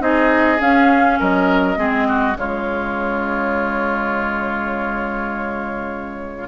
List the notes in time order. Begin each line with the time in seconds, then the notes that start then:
0.00 C4 D#4 G#4 D#5
0.59 C#4 F5
1.20 F#3 A#4 D#5
1.77 G#3 C4 G#4
2.08 F#4
2.36 C#3 G#3 F4 C#5